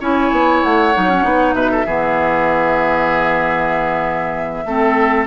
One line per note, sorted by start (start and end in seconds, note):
0.00 0.31 C#4
0.00 0.94 E4
0.00 1.55 C#5
0.00 0.63 G#5
0.31 0.62 B3
0.63 0.95 A3
0.63 1.54 F#5
0.94 1.24 F#3
0.94 1.09 D#4
1.09 1.23 C#4
1.23 1.53 B3
1.23 1.84 D#4
1.53 1.84 B2
1.53 1.70 B4
1.53 5.25 E5
1.71 1.86 A4
1.85 4.63 E3
1.85 4.65 B3
1.85 4.64 G#4
4.65 5.26 A3
4.65 5.26 C4
4.65 5.26 A4